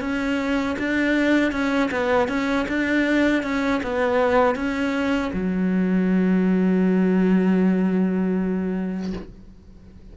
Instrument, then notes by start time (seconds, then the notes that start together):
cello
0.00 C#4
0.78 D4
1.52 C#4
1.91 B3
2.28 C#4
2.68 D4
3.42 C#4
3.83 B3
4.55 C#4
5.33 F#3